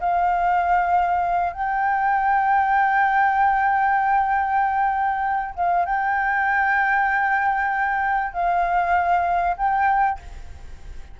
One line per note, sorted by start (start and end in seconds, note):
0.00 1.53 F5
1.53 5.55 G5
5.55 5.85 F5
5.85 8.33 G5
8.33 9.57 F5
9.57 10.19 G5